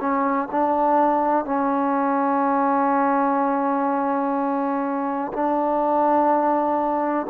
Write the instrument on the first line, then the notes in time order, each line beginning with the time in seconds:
trombone
0.00 C#4
0.51 D4
1.45 C#4
5.33 D4